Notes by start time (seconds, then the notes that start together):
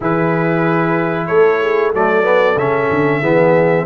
0.00 E3 E4 G#4 B4
1.26 A3 A4 C#5
1.60 G#4
1.92 F#3 A3 A4 D5
2.22 B3
2.56 C#3 C#4 E5
2.90 D3
3.20 E3 B3 G#4